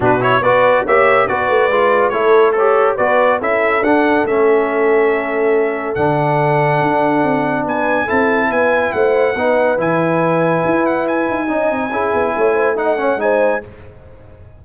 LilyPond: <<
  \new Staff \with { instrumentName = "trumpet" } { \time 4/4 \tempo 4 = 141 b'8 cis''8 d''4 e''4 d''4~ | d''4 cis''4 a'4 d''4 | e''4 fis''4 e''2~ | e''2 fis''2~ |
fis''2 gis''4 a''4 | gis''4 fis''2 gis''4~ | gis''4. fis''8 gis''2~ | gis''2 fis''4 gis''4 | }
  \new Staff \with { instrumentName = "horn" } { \time 4/4 fis'4 b'4 cis''4 b'4~ | b'4 a'4 cis''4 b'4 | a'1~ | a'1~ |
a'2 b'4 a'4 | b'4 c''4 b'2~ | b'2. dis''4 | gis'4 cis''8 c''8 dis''8 cis''8 c''4 | }
  \new Staff \with { instrumentName = "trombone" } { \time 4/4 d'8 e'8 fis'4 g'4 fis'4 | f'4 e'4 g'4 fis'4 | e'4 d'4 cis'2~ | cis'2 d'2~ |
d'2. e'4~ | e'2 dis'4 e'4~ | e'2. dis'4 | e'2 dis'8 cis'8 dis'4 | }
  \new Staff \with { instrumentName = "tuba" } { \time 4/4 b,4 b4 ais4 b8 a8 | gis4 a2 b4 | cis'4 d'4 a2~ | a2 d2 |
d'4 c'4 b4 c'4 | b4 a4 b4 e4~ | e4 e'4. dis'8 cis'8 c'8 | cis'8 b8 a2 gis4 | }
>>